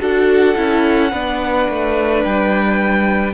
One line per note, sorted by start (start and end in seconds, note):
0.00 0.57 D4
0.00 0.56 F#4
0.00 1.12 A4
0.00 2.25 F#5
0.56 1.13 C#4
0.56 1.12 E4
1.12 1.69 B3
1.12 3.34 D4
1.12 3.34 B4
1.69 2.25 A3
2.25 3.34 G3
2.25 3.34 G5